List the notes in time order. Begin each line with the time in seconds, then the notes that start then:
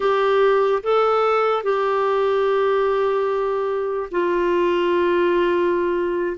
0.00 G4
0.83 A4
1.63 G4
4.11 F4